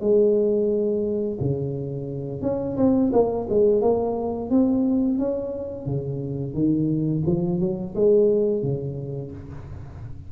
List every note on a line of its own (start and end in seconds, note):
0.00 1.38 G#3
1.40 2.42 C#3
2.42 2.76 C#4
2.76 3.11 C4
3.12 3.47 A#3
3.49 3.81 G#3
3.81 4.50 A#3
4.50 5.18 C4
5.18 5.85 C#4
5.85 6.53 C#3
6.53 7.22 D#3
7.26 7.60 F3
7.60 7.94 F#3
7.95 8.62 G#3
8.62 9.31 C#3